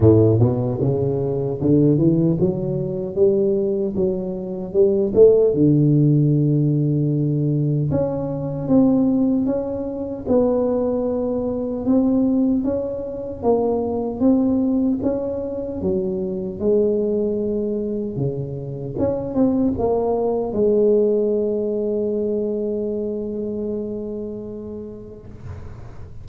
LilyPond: \new Staff \with { instrumentName = "tuba" } { \time 4/4 \tempo 4 = 76 a,8 b,8 cis4 d8 e8 fis4 | g4 fis4 g8 a8 d4~ | d2 cis'4 c'4 | cis'4 b2 c'4 |
cis'4 ais4 c'4 cis'4 | fis4 gis2 cis4 | cis'8 c'8 ais4 gis2~ | gis1 | }